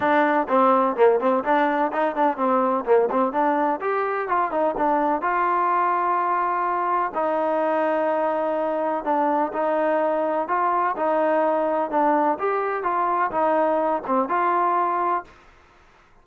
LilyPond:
\new Staff \with { instrumentName = "trombone" } { \time 4/4 \tempo 4 = 126 d'4 c'4 ais8 c'8 d'4 | dis'8 d'8 c'4 ais8 c'8 d'4 | g'4 f'8 dis'8 d'4 f'4~ | f'2. dis'4~ |
dis'2. d'4 | dis'2 f'4 dis'4~ | dis'4 d'4 g'4 f'4 | dis'4. c'8 f'2 | }